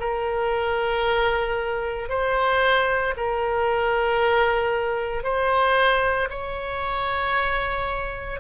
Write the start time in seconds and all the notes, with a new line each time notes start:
0.00 A#4
2.09 C5
3.17 A#4
5.23 C5
6.30 C#5